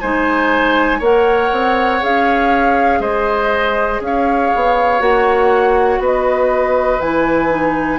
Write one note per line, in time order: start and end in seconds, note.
0.00 1.00 G#3
0.00 1.01 D#4
0.00 0.99 C5
0.00 1.00 G#5
0.99 1.50 A#3
0.99 2.00 A#4
0.99 2.99 C#5
0.99 2.03 F#5
1.52 2.02 C4
2.00 2.99 C#4
2.00 4.99 G#4
2.00 3.00 F5
2.99 3.99 G#3
2.99 4.01 C5
2.99 4.00 D#5
4.00 4.50 C#4
4.00 6.00 C#5
4.00 5.01 F5
4.55 5.00 B3
4.99 5.99 A#3
4.99 6.99 F#4
4.99 6.01 F#5
5.99 6.99 B3
5.99 7.98 B4
5.99 7.01 D#5
7.00 7.98 E3
7.00 7.49 E4
7.00 7.98 G#5
7.49 7.98 D#4